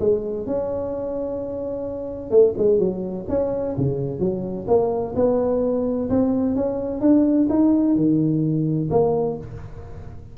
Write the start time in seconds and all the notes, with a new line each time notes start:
0.00 G#3
0.46 C#4
2.31 A3
2.58 G#3
2.79 F#3
3.29 C#4
3.77 C#3
4.20 F#3
4.68 A#3
5.15 B3
6.10 C4
6.56 C#4
7.01 D4
7.50 D#4
7.96 D#3
8.91 A#3